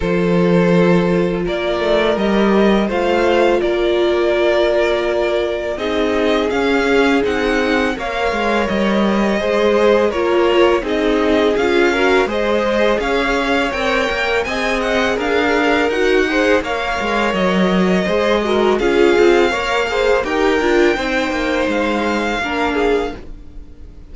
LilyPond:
<<
  \new Staff \with { instrumentName = "violin" } { \time 4/4 \tempo 4 = 83 c''2 d''4 dis''4 | f''4 d''2. | dis''4 f''4 fis''4 f''4 | dis''2 cis''4 dis''4 |
f''4 dis''4 f''4 g''4 | gis''8 fis''8 f''4 fis''4 f''4 | dis''2 f''2 | g''2 f''2 | }
  \new Staff \with { instrumentName = "violin" } { \time 4/4 a'2 ais'2 | c''4 ais'2. | gis'2. cis''4~ | cis''4 c''4 ais'4 gis'4~ |
gis'8 ais'8 c''4 cis''2 | dis''4 ais'4. c''8 cis''4~ | cis''4 c''8 ais'8 gis'4 cis''8 c''8 | ais'4 c''2 ais'8 gis'8 | }
  \new Staff \with { instrumentName = "viola" } { \time 4/4 f'2. g'4 | f'1 | dis'4 cis'4 dis'4 ais'4~ | ais'4 gis'4 f'4 dis'4 |
f'8 fis'8 gis'2 ais'4 | gis'2 fis'8 gis'8 ais'4~ | ais'4 gis'8 fis'8 f'4 ais'8 gis'8 | g'8 f'8 dis'2 d'4 | }
  \new Staff \with { instrumentName = "cello" } { \time 4/4 f2 ais8 a8 g4 | a4 ais2. | c'4 cis'4 c'4 ais8 gis8 | g4 gis4 ais4 c'4 |
cis'4 gis4 cis'4 c'8 ais8 | c'4 d'4 dis'4 ais8 gis8 | fis4 gis4 cis'8 c'8 ais4 | dis'8 d'8 c'8 ais8 gis4 ais4 | }
>>